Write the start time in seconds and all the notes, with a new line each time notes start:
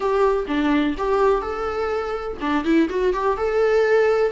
0.00 G4
0.47 D4
0.97 G4
1.41 A4
2.40 D4
2.64 E4
2.89 F#4
3.13 G4
3.37 A4